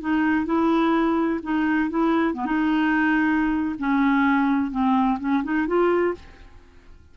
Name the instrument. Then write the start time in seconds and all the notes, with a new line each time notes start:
clarinet
0.00 D#4
0.45 E4
1.43 D#4
1.90 E4
2.34 B3
2.45 D#4
3.79 C#4
4.71 C4
5.19 C#4
5.43 D#4
5.67 F4